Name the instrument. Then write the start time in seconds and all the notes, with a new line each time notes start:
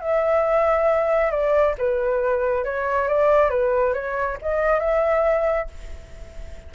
flute
0.00 E5
1.31 D5
1.78 B4
2.64 C#5
3.08 D5
3.50 B4
3.93 C#5
4.41 D#5
4.79 E5